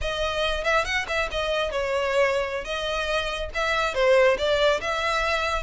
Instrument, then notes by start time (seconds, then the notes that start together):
violin
0.01 D#5
0.64 E5
0.84 F#5
1.08 E5
1.31 D#5
1.71 C#5
2.64 D#5
3.54 E5
3.94 C5
4.38 D5
4.81 E5